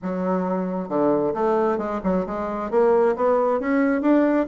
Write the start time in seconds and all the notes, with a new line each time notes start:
0.02 F#3
0.88 D3
1.34 A3
1.78 G#3
2.03 F#3
2.26 G#3
2.70 A#3
3.16 B3
3.60 C#4
4.01 D4